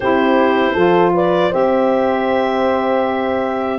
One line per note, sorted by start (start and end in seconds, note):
0.00 0.74 C4
0.00 0.76 E4
0.00 0.73 G4
0.00 1.12 C5
0.73 1.50 F3
0.73 1.50 F4
0.73 1.11 A4
1.14 1.49 B4
1.14 1.53 D5
1.49 3.79 C4
1.49 3.78 G4
1.49 3.77 C5
1.49 3.79 E5